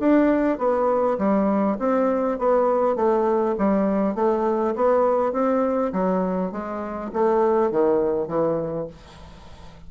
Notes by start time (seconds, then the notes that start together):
0.00 D4
0.59 B3
1.18 G3
1.79 C4
2.39 B3
2.96 A3
3.58 G3
4.15 A3
4.76 B3
5.33 C4
5.93 F#3
6.52 G#3
7.13 A3
7.71 D#3
8.28 E3